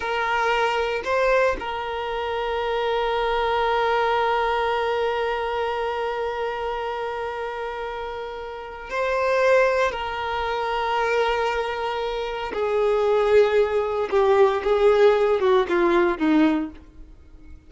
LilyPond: \new Staff \with { instrumentName = "violin" } { \time 4/4 \tempo 4 = 115 ais'2 c''4 ais'4~ | ais'1~ | ais'1~ | ais'1~ |
ais'4 c''2 ais'4~ | ais'1 | gis'2. g'4 | gis'4. fis'8 f'4 dis'4 | }